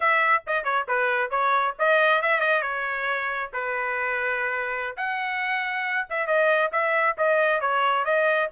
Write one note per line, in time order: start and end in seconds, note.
0.00 0.43 E5
0.46 0.64 D#5
0.64 0.86 C#5
0.88 1.30 B4
1.30 1.74 C#5
1.78 2.22 D#5
2.22 2.40 E5
2.40 2.61 D#5
2.61 3.50 C#5
3.53 4.96 B4
4.96 6.07 F#5
6.09 6.26 E5
6.26 6.71 D#5
6.71 7.16 E5
7.17 7.61 D#5
7.61 8.04 C#5
8.04 8.48 D#5